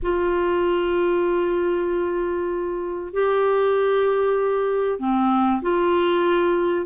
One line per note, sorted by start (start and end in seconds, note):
0.02 3.13 F4
3.13 4.99 G4
4.99 5.61 C4
5.61 6.86 F4